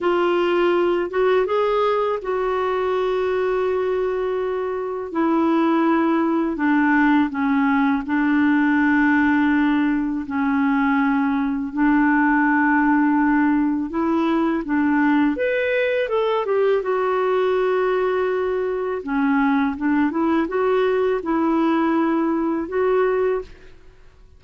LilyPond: \new Staff \with { instrumentName = "clarinet" } { \time 4/4 \tempo 4 = 82 f'4. fis'8 gis'4 fis'4~ | fis'2. e'4~ | e'4 d'4 cis'4 d'4~ | d'2 cis'2 |
d'2. e'4 | d'4 b'4 a'8 g'8 fis'4~ | fis'2 cis'4 d'8 e'8 | fis'4 e'2 fis'4 | }